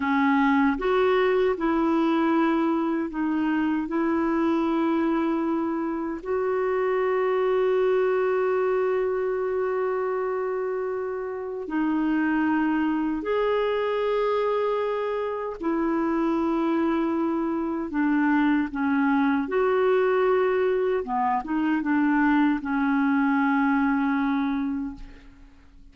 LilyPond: \new Staff \with { instrumentName = "clarinet" } { \time 4/4 \tempo 4 = 77 cis'4 fis'4 e'2 | dis'4 e'2. | fis'1~ | fis'2. dis'4~ |
dis'4 gis'2. | e'2. d'4 | cis'4 fis'2 b8 dis'8 | d'4 cis'2. | }